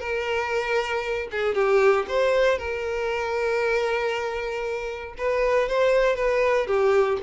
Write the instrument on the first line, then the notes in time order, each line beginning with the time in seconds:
violin
0.00 A#4
1.31 G#4
1.55 G4
2.08 C5
2.58 A#4
5.18 B4
5.69 C5
6.16 B4
6.67 G4